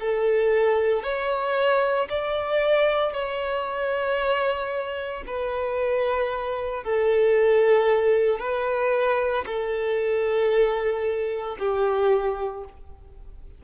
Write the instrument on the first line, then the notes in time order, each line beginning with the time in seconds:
violin
0.00 A4
1.03 C#5
2.09 D5
3.13 C#5
5.26 B4
6.84 A4
8.39 B4
9.46 A4
11.59 G4